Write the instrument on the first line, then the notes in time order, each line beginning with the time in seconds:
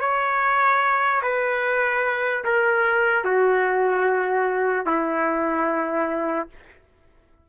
trumpet
0.00 C#5
1.22 B4
2.44 A#4
3.25 F#4
4.86 E4